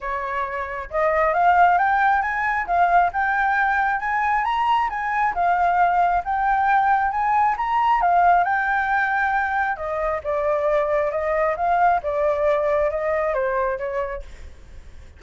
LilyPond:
\new Staff \with { instrumentName = "flute" } { \time 4/4 \tempo 4 = 135 cis''2 dis''4 f''4 | g''4 gis''4 f''4 g''4~ | g''4 gis''4 ais''4 gis''4 | f''2 g''2 |
gis''4 ais''4 f''4 g''4~ | g''2 dis''4 d''4~ | d''4 dis''4 f''4 d''4~ | d''4 dis''4 c''4 cis''4 | }